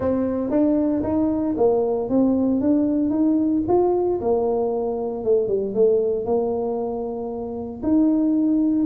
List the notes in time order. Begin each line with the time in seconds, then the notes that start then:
0.00 C4
0.50 D4
1.03 D#4
1.57 A#3
2.09 C4
2.60 D4
3.10 D#4
3.68 F4
4.20 A#3
5.23 A3
5.48 G3
5.74 A3
6.25 A#3
7.82 D#4